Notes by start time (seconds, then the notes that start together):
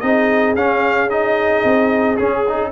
0.00 C4 D#4 G#4 D#5
0.55 C#4 F5
1.09 D#4 D#5
1.64 C4
2.16 C#4 G#4
2.48 D#4